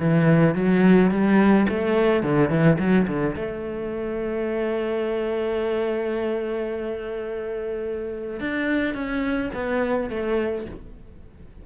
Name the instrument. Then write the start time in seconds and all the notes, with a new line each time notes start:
cello
0.00 E3
0.55 F#3
1.11 G3
1.69 A3
2.23 D3
2.50 E3
2.79 F#3
3.07 D3
3.36 A3
8.41 D4
8.95 C#4
9.54 B3
10.10 A3